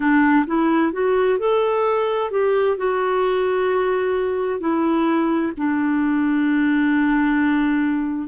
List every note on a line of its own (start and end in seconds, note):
0.00 0.45 D4
0.46 0.92 E4
0.92 1.38 F#4
1.38 2.31 A4
2.31 2.77 G4
2.77 4.59 F#4
4.59 5.52 E4
5.57 8.28 D4